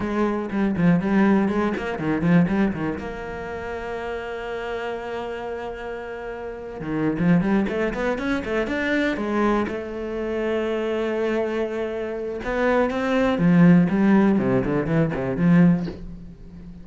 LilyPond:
\new Staff \with { instrumentName = "cello" } { \time 4/4 \tempo 4 = 121 gis4 g8 f8 g4 gis8 ais8 | dis8 f8 g8 dis8 ais2~ | ais1~ | ais4.~ ais16 dis8. f8 g8 a8 |
b8 cis'8 a8 d'4 gis4 a8~ | a1~ | a4 b4 c'4 f4 | g4 c8 d8 e8 c8 f4 | }